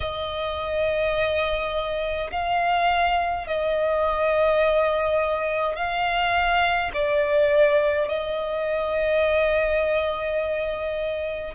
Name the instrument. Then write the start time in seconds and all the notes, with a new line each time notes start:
violin
0.00 D#5
2.31 F5
3.47 D#5
5.75 F5
6.93 D5
8.08 D#5